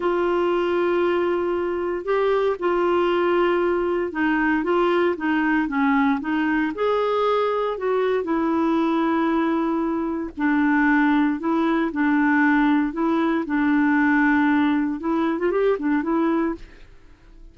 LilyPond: \new Staff \with { instrumentName = "clarinet" } { \time 4/4 \tempo 4 = 116 f'1 | g'4 f'2. | dis'4 f'4 dis'4 cis'4 | dis'4 gis'2 fis'4 |
e'1 | d'2 e'4 d'4~ | d'4 e'4 d'2~ | d'4 e'8. f'16 g'8 d'8 e'4 | }